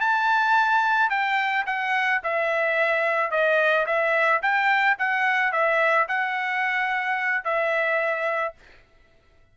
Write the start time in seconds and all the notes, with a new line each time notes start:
0.00 A5
1.09 G5
1.66 F#5
2.23 E5
3.31 D#5
3.86 E5
4.42 G5
4.98 F#5
5.52 E5
6.08 F#5
7.44 E5